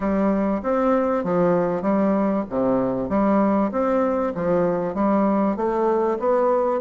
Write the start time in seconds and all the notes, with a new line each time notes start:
0.00 G3
0.62 C4
1.24 F3
1.82 G3
2.49 C3
3.09 G3
3.71 C4
4.35 F3
4.94 G3
5.56 A3
6.19 B3